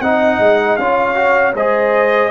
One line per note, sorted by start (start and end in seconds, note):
0.00 0.38 C4
0.00 0.80 D#4
0.00 0.79 D#5
0.00 0.76 F#5
0.39 0.77 G#3
0.76 1.53 C#4
0.76 1.15 F4
0.76 1.55 C#5
0.76 1.53 F5
1.15 1.53 F#4
1.53 2.30 G#3
1.53 2.31 G#4
1.53 2.31 C5
1.53 2.31 D#5